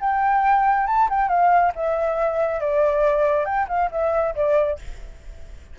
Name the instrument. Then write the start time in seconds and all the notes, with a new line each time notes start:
flute
0.00 G5
0.87 A5
1.09 G5
1.28 F5
1.75 E5
2.60 D5
3.45 G5
3.69 F5
3.91 E5
4.35 D5